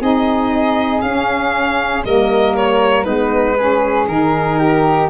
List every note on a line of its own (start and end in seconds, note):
0.00 1.02 C4
0.00 1.02 D#4
0.00 2.04 G#4
0.00 1.01 D#5
1.01 2.05 C#4
1.01 2.03 F5
2.05 3.07 G3
2.05 3.06 A#3
2.05 3.06 A#4
2.05 2.56 D#5
2.57 3.04 C#5
3.04 4.08 G#3
3.04 3.56 B3
3.04 3.57 D#4
3.04 4.06 B4
3.58 4.08 C#4
3.58 4.59 G#4
4.08 5.09 D#3
4.08 5.10 D#4
4.08 5.10 A#4
4.59 5.10 G4